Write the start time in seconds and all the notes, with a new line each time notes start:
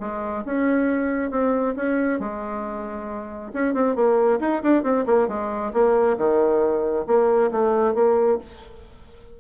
0.00 G#3
0.45 C#4
1.31 C4
1.76 C#4
2.20 G#3
3.53 C#4
3.74 C4
3.96 A#3
4.40 D#4
4.63 D4
4.83 C4
5.06 A#3
5.28 G#3
5.73 A#3
6.18 D#3
7.07 A#3
7.51 A3
7.95 A#3